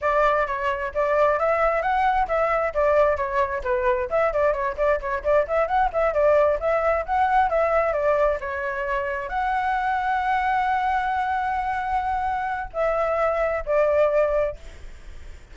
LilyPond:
\new Staff \with { instrumentName = "flute" } { \time 4/4 \tempo 4 = 132 d''4 cis''4 d''4 e''4 | fis''4 e''4 d''4 cis''4 | b'4 e''8 d''8 cis''8 d''8 cis''8 d''8 | e''8 fis''8 e''8 d''4 e''4 fis''8~ |
fis''8 e''4 d''4 cis''4.~ | cis''8 fis''2.~ fis''8~ | fis''1 | e''2 d''2 | }